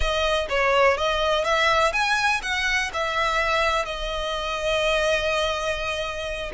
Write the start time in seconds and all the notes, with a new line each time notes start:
0.00 D#5
0.49 C#5
0.97 D#5
1.44 E5
1.92 G#5
2.42 F#5
2.93 E5
3.85 D#5